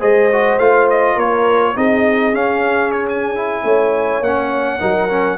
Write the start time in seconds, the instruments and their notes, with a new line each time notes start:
0.00 tuba G#3, trombone G#4, horn C5, trumpet D#5
0.33 trombone F#4
0.59 tuba A3, trombone F4, trumpet F5
0.90 trumpet D#5
1.16 tuba A#3, horn A#4, trumpet C#5
1.75 tuba C4, trombone D#4, horn G#4, trumpet D#5
2.34 trombone C#4, tuba C#4, trumpet F5
2.92 trumpet C#5
3.09 trumpet G#5
3.36 trombone E4
3.64 tuba A3, horn C#5
4.21 tuba A#3, trombone C#4, trumpet F#5
4.80 tuba F#3, trombone D#4, horn A#4
5.10 trombone C#4